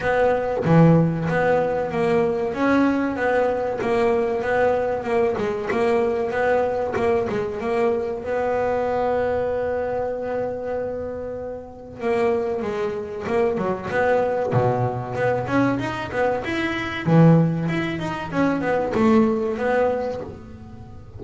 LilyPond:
\new Staff \with { instrumentName = "double bass" } { \time 4/4 \tempo 4 = 95 b4 e4 b4 ais4 | cis'4 b4 ais4 b4 | ais8 gis8 ais4 b4 ais8 gis8 | ais4 b2.~ |
b2. ais4 | gis4 ais8 fis8 b4 b,4 | b8 cis'8 dis'8 b8 e'4 e4 | e'8 dis'8 cis'8 b8 a4 b4 | }